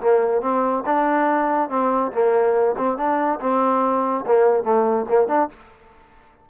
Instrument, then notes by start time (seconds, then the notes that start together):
trombone
0.00 A#3
0.41 C4
0.85 D4
1.69 C4
2.12 A#3
2.77 C4
2.97 D4
3.40 C4
4.26 A#3
4.63 A3
5.08 A#3
5.28 D4